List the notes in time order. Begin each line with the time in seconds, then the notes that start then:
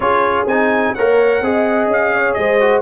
0.00 C#4 F4 G#4 C#5
0.45 C4 D#4 G#5
0.94 A#3 A#4 C#5 F#5
1.41 C4 G#4 D#5
1.87 C#4 F5
2.14 C#5
2.33 G#3 C5 D#5
2.59 F#4